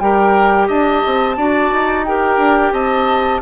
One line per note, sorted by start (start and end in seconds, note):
0.00 0.69 G3
0.00 1.37 G4
0.00 0.68 A#4
0.00 0.68 G5
0.68 1.03 D4
0.68 1.36 D#5
0.68 2.05 A5
1.06 1.37 C4
1.37 1.72 D4
1.37 2.06 F#4
1.37 2.06 D5
1.72 2.38 D#4
2.05 3.42 G4
2.05 2.73 A#4
2.05 2.73 G5
2.38 2.72 D4
2.72 3.41 C4
2.72 3.41 D#5
2.72 3.41 A5